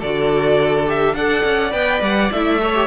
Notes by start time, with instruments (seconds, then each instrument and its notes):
0.00 cello D3, viola F#4, violin A4 D5
0.87 viola G4, violin E5
1.14 cello D4, viola A4, violin D5 F#5
1.44 cello C#4
1.71 cello B3, viola B4, violin G5
2.01 cello G3, violin F#5
2.32 cello A3, viola E4, violin E5
2.60 viola A4, violin C#5
2.75 viola G4